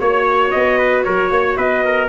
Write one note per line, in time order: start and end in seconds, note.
0.00 0.53 A#3
0.00 2.09 F#4
0.00 0.78 C#5
0.00 0.50 C#5
0.50 1.06 B3
0.50 1.03 D#5
0.78 1.05 B4
1.03 1.30 F#3
1.03 1.32 A#4
1.03 1.56 C#5
1.30 1.57 A#3
1.30 1.58 C#5
1.57 2.09 B3
1.57 1.84 B4
1.57 2.09 D#5
1.85 2.09 A#4